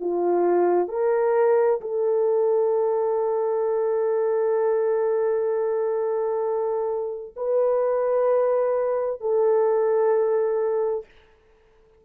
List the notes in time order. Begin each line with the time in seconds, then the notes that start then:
0.00 F4
0.88 A#4
1.81 A4
7.36 B4
9.21 A4